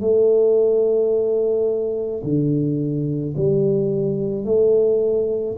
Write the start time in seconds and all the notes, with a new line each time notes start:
0.00 A3
2.23 D3
3.37 G3
4.44 A3